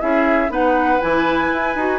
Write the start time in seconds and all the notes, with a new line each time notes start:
0.00 C#4 E4 G#4 E5
0.49 B3 D#4 B4 F#5
1.01 E3 E4 G#5
1.52 E4
1.76 D#4 F#4